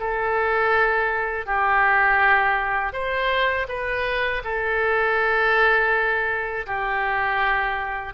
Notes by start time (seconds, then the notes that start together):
0.00 A4
1.46 G4
2.93 C5
3.69 B4
4.44 A4
6.67 G4